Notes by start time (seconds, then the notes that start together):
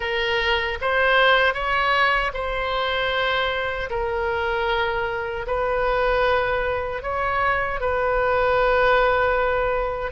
0.00 A#4
0.81 C5
1.53 C#5
2.33 C5
3.90 A#4
5.47 B4
7.02 C#5
7.80 B4